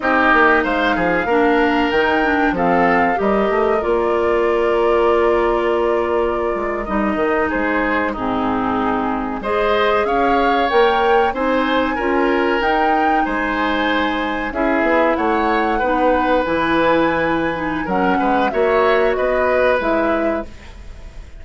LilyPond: <<
  \new Staff \with { instrumentName = "flute" } { \time 4/4 \tempo 4 = 94 dis''4 f''2 g''4 | f''4 dis''4 d''2~ | d''2~ d''8. dis''4 c''16~ | c''8. gis'2 dis''4 f''16~ |
f''8. g''4 gis''2 g''16~ | g''8. gis''2 e''4 fis''16~ | fis''4.~ fis''16 gis''2~ gis''16 | fis''4 e''4 dis''4 e''4 | }
  \new Staff \with { instrumentName = "oboe" } { \time 4/4 g'4 c''8 gis'8 ais'2 | a'4 ais'2.~ | ais'2.~ ais'8. gis'16~ | gis'8. dis'2 c''4 cis''16~ |
cis''4.~ cis''16 c''4 ais'4~ ais'16~ | ais'8. c''2 gis'4 cis''16~ | cis''8. b'2.~ b'16 | ais'8 b'8 cis''4 b'2 | }
  \new Staff \with { instrumentName = "clarinet" } { \time 4/4 dis'2 d'4 dis'8 d'8 | c'4 g'4 f'2~ | f'2~ f'8. dis'4~ dis'16~ | dis'8. c'2 gis'4~ gis'16~ |
gis'8. ais'4 dis'4 f'4 dis'16~ | dis'2~ dis'8. e'4~ e'16~ | e'8. dis'4 e'4.~ e'16 dis'8 | cis'4 fis'2 e'4 | }
  \new Staff \with { instrumentName = "bassoon" } { \time 4/4 c'8 ais8 gis8 f8 ais4 dis4 | f4 g8 a8 ais2~ | ais2~ ais16 gis8 g8 dis8 gis16~ | gis8. gis,2 gis4 cis'16~ |
cis'8. ais4 c'4 cis'4 dis'16~ | dis'8. gis2 cis'8 b8 a16~ | a8. b4 e2~ e16 | fis8 gis8 ais4 b4 gis4 | }
>>